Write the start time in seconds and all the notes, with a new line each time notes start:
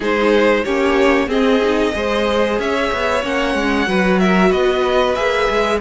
0.00 G#3 D#4 G#4 C5
0.64 A#3 C#4 G4 C#5
1.27 C4 G#4 D#5
1.62 D#4
1.92 G#3 G#4 C5
2.58 C#4 C#5 E5
2.92 B3
3.22 A#3 C#4 F#5
3.54 G#3
3.87 F#3 F#4 B4
4.19 A#4 E5
4.49 B3 B4 D#5
5.14 A#3 G#4 E5
5.50 G#3